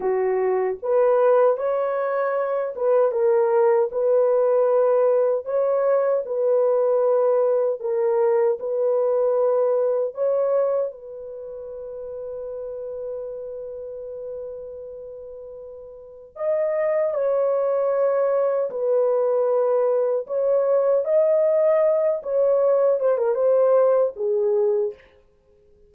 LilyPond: \new Staff \with { instrumentName = "horn" } { \time 4/4 \tempo 4 = 77 fis'4 b'4 cis''4. b'8 | ais'4 b'2 cis''4 | b'2 ais'4 b'4~ | b'4 cis''4 b'2~ |
b'1~ | b'4 dis''4 cis''2 | b'2 cis''4 dis''4~ | dis''8 cis''4 c''16 ais'16 c''4 gis'4 | }